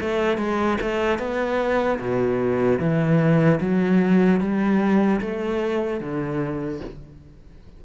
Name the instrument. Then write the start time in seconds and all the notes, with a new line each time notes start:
cello
0.00 A3
0.37 G#3
0.81 A3
1.18 B3
1.99 B2
2.79 E3
3.60 F#3
4.40 G3
5.20 A3
6.00 D3